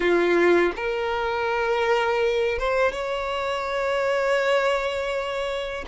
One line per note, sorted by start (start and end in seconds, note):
0.00 0.72 F4
0.75 2.58 A#4
2.58 2.92 C5
2.92 5.84 C#5